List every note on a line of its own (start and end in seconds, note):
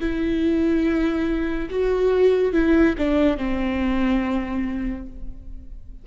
0.00 1.69 E4
1.70 2.53 F#4
2.53 2.95 E4
2.98 3.37 D4
3.37 5.06 C4